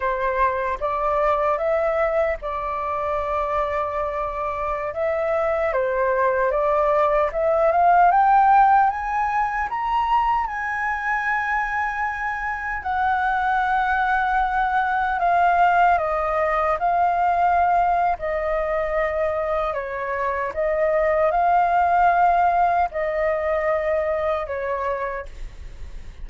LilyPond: \new Staff \with { instrumentName = "flute" } { \time 4/4 \tempo 4 = 76 c''4 d''4 e''4 d''4~ | d''2~ d''16 e''4 c''8.~ | c''16 d''4 e''8 f''8 g''4 gis''8.~ | gis''16 ais''4 gis''2~ gis''8.~ |
gis''16 fis''2. f''8.~ | f''16 dis''4 f''4.~ f''16 dis''4~ | dis''4 cis''4 dis''4 f''4~ | f''4 dis''2 cis''4 | }